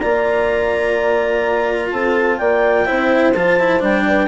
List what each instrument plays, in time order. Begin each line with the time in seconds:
0.00 bassoon A#3, cello F4, horn D5, clarinet A#5
1.91 bassoon C4, horn A4, clarinet A5
2.38 bassoon A#3, horn D5, clarinet G5
2.86 bassoon C4, cello E4, horn C5
3.34 bassoon F3, cello F4, clarinet A5
3.60 cello E4
3.80 bassoon G3, cello D4, clarinet G5
4.08 horn B4